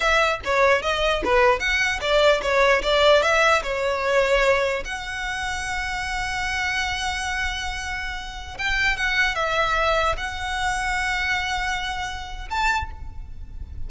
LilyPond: \new Staff \with { instrumentName = "violin" } { \time 4/4 \tempo 4 = 149 e''4 cis''4 dis''4 b'4 | fis''4 d''4 cis''4 d''4 | e''4 cis''2. | fis''1~ |
fis''1~ | fis''4~ fis''16 g''4 fis''4 e''8.~ | e''4~ e''16 fis''2~ fis''8.~ | fis''2. a''4 | }